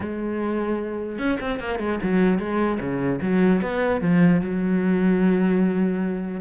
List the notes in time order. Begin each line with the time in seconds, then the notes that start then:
0.00 G#3
1.18 C#4
1.40 C4
1.59 A#3
1.79 G#3
2.02 F#3
2.38 G#3
2.79 C#3
3.21 F#3
3.61 B3
4.01 F3
4.41 F#3